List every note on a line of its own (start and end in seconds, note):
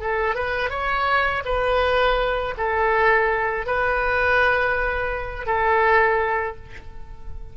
0.00 0.35 A4
0.35 0.70 B4
0.70 1.43 C#5
1.45 2.55 B4
2.58 3.67 A4
3.67 5.46 B4
5.46 6.56 A4